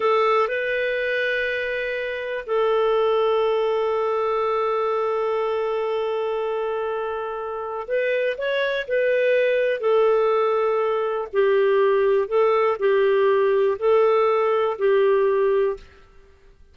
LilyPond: \new Staff \with { instrumentName = "clarinet" } { \time 4/4 \tempo 4 = 122 a'4 b'2.~ | b'4 a'2.~ | a'1~ | a'1 |
b'4 cis''4 b'2 | a'2. g'4~ | g'4 a'4 g'2 | a'2 g'2 | }